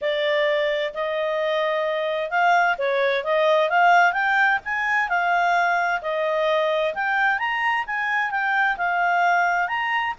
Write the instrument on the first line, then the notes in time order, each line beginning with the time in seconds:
clarinet
0.01 D5
0.94 D#5
2.30 F5
2.77 C#5
3.24 D#5
3.69 F5
4.13 G5
4.64 G#5
5.08 F5
6.01 D#5
6.94 G5
7.38 A#5
7.86 G#5
8.30 G5
8.77 F5
9.68 A#5